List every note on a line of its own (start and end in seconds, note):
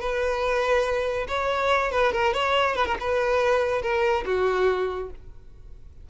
0.00 1.27 B4
1.28 1.91 C#5
1.92 2.12 B4
2.12 2.33 A#4
2.34 2.76 C#5
2.76 2.86 B4
2.86 2.97 A#4
3.00 3.82 B4
3.82 4.24 A#4
4.25 5.10 F#4